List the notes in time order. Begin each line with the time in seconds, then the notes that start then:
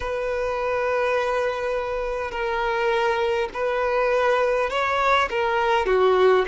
0.00 B4
2.30 A#4
3.53 B4
4.70 C#5
5.29 A#4
5.86 F#4